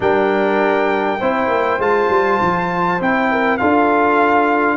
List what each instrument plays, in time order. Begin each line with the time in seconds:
0.00 tuba G3, trombone D4, horn A#4, trumpet G5
1.20 tuba C4, trombone E4, horn C5
1.48 tuba A#3
1.78 tuba G#3, trombone F4, trumpet A5
2.09 tuba G3
2.41 tuba F3
3.00 tuba C4, trombone E4, trumpet G5
3.30 horn A#4
3.57 tuba D4, trombone F4, horn A4, trumpet F5